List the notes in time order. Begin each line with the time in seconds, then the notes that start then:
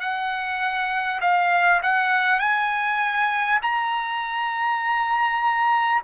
0.00 F#5
1.21 F5
1.82 F#5
2.39 G#5
3.62 A#5